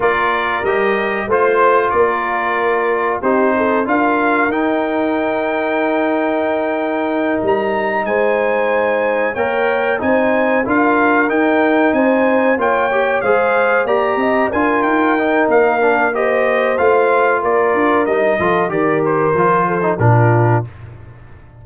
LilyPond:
<<
  \new Staff \with { instrumentName = "trumpet" } { \time 4/4 \tempo 4 = 93 d''4 dis''4 c''4 d''4~ | d''4 c''4 f''4 g''4~ | g''2.~ g''8 ais''8~ | ais''8 gis''2 g''4 gis''8~ |
gis''8 f''4 g''4 gis''4 g''8~ | g''8 f''4 ais''4 gis''8 g''4 | f''4 dis''4 f''4 d''4 | dis''4 d''8 c''4. ais'4 | }
  \new Staff \with { instrumentName = "horn" } { \time 4/4 ais'2 c''4 ais'4~ | ais'4 g'8 a'8 ais'2~ | ais'1~ | ais'8 c''2 cis''4 c''8~ |
c''8 ais'2 c''4 cis''8~ | cis''8 c''4 d''8 dis''8 ais'4.~ | ais'4 c''2 ais'4~ | ais'8 a'8 ais'4. a'8 f'4 | }
  \new Staff \with { instrumentName = "trombone" } { \time 4/4 f'4 g'4 f'2~ | f'4 dis'4 f'4 dis'4~ | dis'1~ | dis'2~ dis'8 ais'4 dis'8~ |
dis'8 f'4 dis'2 f'8 | g'8 gis'4 g'4 f'4 dis'8~ | dis'8 d'8 g'4 f'2 | dis'8 f'8 g'4 f'8. dis'16 d'4 | }
  \new Staff \with { instrumentName = "tuba" } { \time 4/4 ais4 g4 a4 ais4~ | ais4 c'4 d'4 dis'4~ | dis'2.~ dis'8 g8~ | g8 gis2 ais4 c'8~ |
c'8 d'4 dis'4 c'4 ais8~ | ais8 gis4 ais8 c'8 d'8 dis'4 | ais2 a4 ais8 d'8 | g8 f8 dis4 f4 ais,4 | }
>>